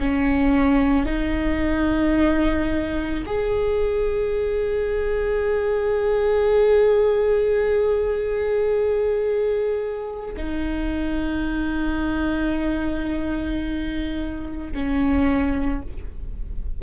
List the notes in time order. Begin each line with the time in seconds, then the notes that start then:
0.00 C#4
1.06 D#4
3.26 G#4
10.37 D#4
14.73 C#4